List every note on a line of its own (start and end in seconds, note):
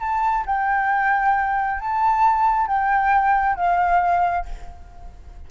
0.00 0.45 A5
0.46 1.80 G5
1.80 2.67 A5
2.67 3.56 G5
3.56 4.46 F5